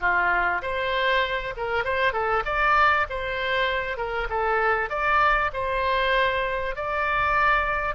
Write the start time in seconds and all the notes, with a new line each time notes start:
0.00 F4
0.62 C5
1.56 A#4
1.84 C5
2.12 A4
2.45 D5
3.09 C5
3.97 A#4
4.29 A4
4.89 D5
5.53 C5
6.75 D5